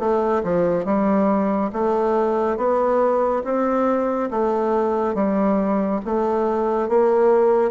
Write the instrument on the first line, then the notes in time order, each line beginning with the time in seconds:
bassoon
0.00 A3
0.44 F3
0.86 G3
1.73 A3
2.58 B3
3.45 C4
4.31 A3
5.15 G3
6.06 A3
6.89 A#3